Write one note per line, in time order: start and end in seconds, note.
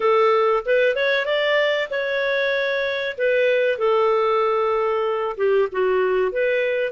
0.00 0.63 A4
0.65 0.95 B4
0.95 1.25 C#5
1.25 1.89 D5
1.90 3.16 C#5
3.17 3.78 B4
3.78 5.36 A4
5.37 5.68 G4
5.72 6.32 F#4
6.32 6.92 B4